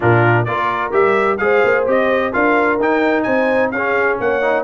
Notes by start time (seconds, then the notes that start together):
0.00 A#2 D4 F4 A#4
0.45 A#3 F4 A#4 D5
0.91 G3 G4 E5
1.37 G#3 G#4 C5 F5
1.64 A#3
1.86 C4 G4 D#5
2.32 D4 F4 A#4 F5
2.79 D#4 G5
3.23 C4 C5 G#5
3.71 C#4 G#4 F5
4.19 A#3 C#5 F#5
4.41 D#4